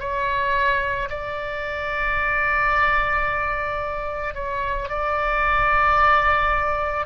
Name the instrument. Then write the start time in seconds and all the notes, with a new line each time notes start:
oboe
0.00 C#5
1.10 D5
4.35 C#5
4.89 D5